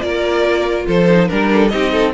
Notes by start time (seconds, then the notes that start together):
0.00 A#3 F4 A#4 D5
0.86 F3 A4 C5
1.09 D#4
1.28 G3 D4 A#4
1.53 A4
1.68 C4 D#4 G4 D#5
1.92 A4